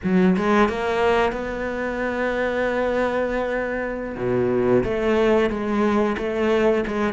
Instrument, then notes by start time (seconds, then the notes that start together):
cello
0.03 F#3
0.36 G#3
0.68 A#3
1.32 B3
4.17 B2
4.83 A3
5.49 G#3
6.17 A3
6.87 G#3